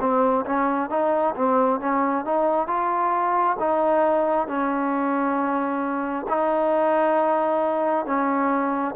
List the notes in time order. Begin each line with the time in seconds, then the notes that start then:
0.00 C4
0.46 C#4
0.90 D#4
1.35 C4
1.80 C#4
2.25 D#4
2.67 F4
3.59 D#4
4.47 C#4
6.28 D#4
8.06 C#4